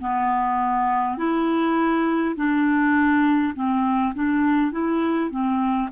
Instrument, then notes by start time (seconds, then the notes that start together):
clarinet
0.00 B3
1.18 E4
2.36 D4
3.55 C4
4.14 D4
4.72 E4
5.31 C4